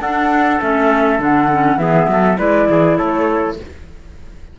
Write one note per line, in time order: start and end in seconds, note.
0.00 0.59 D4
0.00 0.60 D4
0.00 1.80 A4
0.00 0.60 F#5
0.60 1.19 A3
0.60 1.19 C#4
0.60 1.21 E5
1.19 1.77 D3
1.19 1.49 D4
1.19 1.78 F#5
1.52 1.78 C#4
1.77 2.07 E3
1.77 2.37 B3
1.77 2.11 G#4
1.77 2.37 E5
2.08 2.38 F#3
2.08 2.38 A4
2.38 2.69 G#3
2.38 3.56 E4
2.38 2.68 B4
2.38 2.97 D5
2.69 2.99 E3
2.69 2.98 G#4
2.97 3.59 A3
2.97 3.57 A4
2.97 3.56 C#5